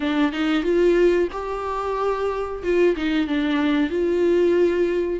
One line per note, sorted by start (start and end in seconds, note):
0.00 0.32 D4
0.32 0.63 D#4
0.63 1.28 F4
1.32 2.62 G4
2.63 2.95 F4
2.96 3.27 D#4
3.27 3.90 D4
3.90 5.20 F4